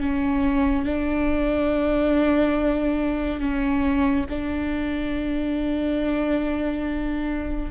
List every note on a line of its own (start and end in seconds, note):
0.00 0.85 C#4
0.85 3.40 D4
3.40 4.25 C#4
4.29 7.71 D4